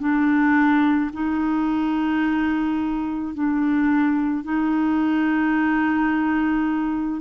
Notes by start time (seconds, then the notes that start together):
0.00 D4
1.13 D#4
3.35 D4
4.44 D#4